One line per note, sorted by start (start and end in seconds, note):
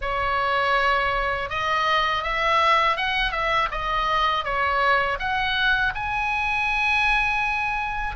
0.01 1.49 C#5
1.49 2.23 D#5
2.23 2.96 E5
2.96 3.31 F#5
3.31 3.68 E5
3.71 4.44 D#5
4.44 5.18 C#5
5.19 5.93 F#5
5.94 8.15 G#5